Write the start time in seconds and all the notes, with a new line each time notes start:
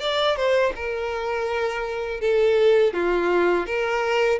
0.00 D5
0.36 C5
0.75 A#4
2.20 A4
2.93 F4
3.66 A#4